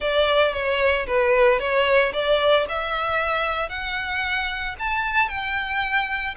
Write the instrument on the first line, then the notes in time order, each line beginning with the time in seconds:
violin
0.00 D5
0.53 C#5
1.06 B4
1.59 C#5
2.13 D5
2.69 E5
3.69 F#5
4.79 A5
5.28 G5